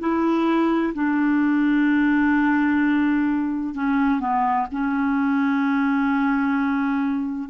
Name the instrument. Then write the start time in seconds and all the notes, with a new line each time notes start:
clarinet
0.00 E4
0.94 D4
3.75 C#4
4.20 B3
4.72 C#4